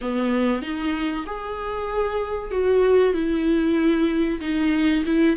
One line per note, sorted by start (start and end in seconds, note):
0.01 0.61 B3
0.61 1.25 D#4
1.26 2.51 G#4
2.51 3.13 F#4
3.13 4.40 E4
4.40 5.04 D#4
5.05 5.36 E4